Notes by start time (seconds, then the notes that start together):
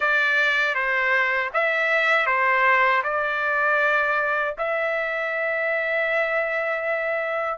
0.00 D5
0.74 C5
1.53 E5
2.26 C5
3.03 D5
4.58 E5